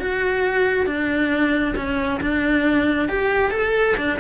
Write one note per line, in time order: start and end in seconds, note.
0.00 0.86 F#4
0.86 1.75 D4
1.76 2.20 C#4
2.21 3.09 D4
3.09 3.52 G4
3.52 3.96 A4
3.97 4.19 D4